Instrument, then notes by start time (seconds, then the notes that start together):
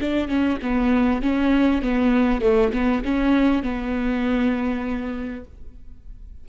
viola
0.00 D4
0.28 C#4
0.62 B3
1.22 C#4
1.82 B3
2.41 A3
2.72 B3
3.04 C#4
3.62 B3